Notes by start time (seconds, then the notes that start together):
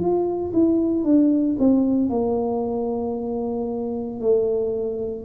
0.00 F4
0.54 E4
1.04 D4
1.59 C4
2.10 A#3
4.21 A3